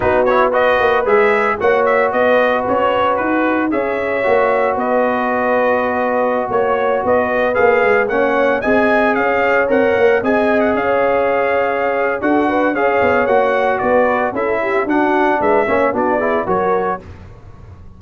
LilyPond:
<<
  \new Staff \with { instrumentName = "trumpet" } { \time 4/4 \tempo 4 = 113 b'8 cis''8 dis''4 e''4 fis''8 e''8 | dis''4 cis''4 b'4 e''4~ | e''4 dis''2.~ | dis''16 cis''4 dis''4 f''4 fis''8.~ |
fis''16 gis''4 f''4 fis''4 gis''8. | fis''16 f''2~ f''8. fis''4 | f''4 fis''4 d''4 e''4 | fis''4 e''4 d''4 cis''4 | }
  \new Staff \with { instrumentName = "horn" } { \time 4/4 fis'4 b'2 cis''4 | b'2. cis''4~ | cis''4 b'2.~ | b'16 cis''4 b'2 cis''8.~ |
cis''16 dis''4 cis''2 dis''8.~ | dis''16 cis''2~ cis''8. a'8 b'8 | cis''2 b'4 a'8 g'8 | fis'4 b'8 cis''8 fis'8 gis'8 ais'4 | }
  \new Staff \with { instrumentName = "trombone" } { \time 4/4 dis'8 e'8 fis'4 gis'4 fis'4~ | fis'2. gis'4 | fis'1~ | fis'2~ fis'16 gis'4 cis'8.~ |
cis'16 gis'2 ais'4 gis'8.~ | gis'2. fis'4 | gis'4 fis'2 e'4 | d'4. cis'8 d'8 e'8 fis'4 | }
  \new Staff \with { instrumentName = "tuba" } { \time 4/4 b4. ais8 gis4 ais4 | b4 cis'4 dis'4 cis'4 | ais4 b2.~ | b16 ais4 b4 ais8 gis8 ais8.~ |
ais16 c'4 cis'4 c'8 ais8 c'8.~ | c'16 cis'2~ cis'8. d'4 | cis'8 b8 ais4 b4 cis'4 | d'4 gis8 ais8 b4 fis4 | }
>>